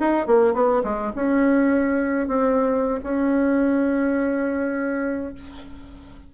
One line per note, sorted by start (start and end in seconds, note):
0.00 0.27 D#4
0.27 0.54 A#3
0.54 0.83 B3
0.84 1.12 G#3
1.16 2.28 C#4
2.28 3.00 C4
3.04 5.34 C#4